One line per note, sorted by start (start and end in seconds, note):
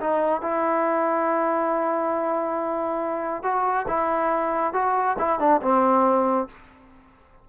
0.00 0.41 D#4
0.41 3.43 E4
3.43 3.86 F#4
3.87 4.73 E4
4.73 5.16 F#4
5.18 5.39 E4
5.39 5.60 D4
5.61 6.47 C4